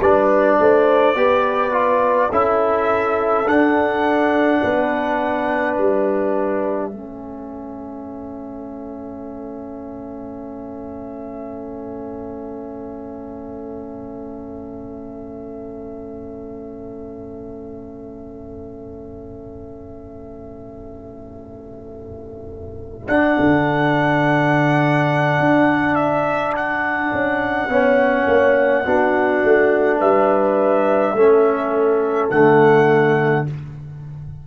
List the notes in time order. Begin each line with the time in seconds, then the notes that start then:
0.00 G3 D4 B4 D5
0.60 A3 C5
1.15 B3 G4 B4
1.72 F4
2.29 C#4 E4 A4 E5
3.46 D4 F#5
4.63 B3 B4
5.77 G3 E5
6.91 A3 C#4 A4
23.08 D4 F#5
23.40 D3
25.40 D4
25.95 E5
26.56 F#5
27.13 C#4
27.69 B3 C#4 C#5
28.27 A#3
28.86 B3 D4 F#4
29.44 A3
29.99 G3 B4 E5
31.14 A3 C#4 A4
32.31 D3 A3 F#5